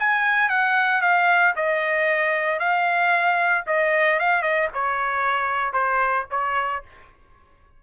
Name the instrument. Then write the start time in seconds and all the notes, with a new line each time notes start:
trumpet
0.00 G#5
0.49 F#5
1.02 F5
1.56 D#5
2.60 F5
3.67 D#5
4.20 F5
4.43 D#5
4.74 C#5
5.74 C5
6.31 C#5